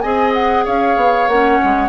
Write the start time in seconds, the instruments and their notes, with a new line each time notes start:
0.00 bassoon C4, clarinet G#4, oboe D#5, flute G#5
0.33 flute F#5
0.64 bassoon C#4, oboe C#5, flute F5
0.96 bassoon B3
1.27 bassoon A#3, clarinet C#4, flute F#5
1.64 bassoon G#3